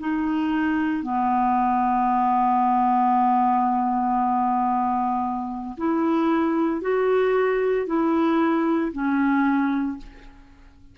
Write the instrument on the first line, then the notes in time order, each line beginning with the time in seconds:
clarinet
0.00 D#4
1.03 B3
5.78 E4
6.82 F#4
7.87 E4
8.92 C#4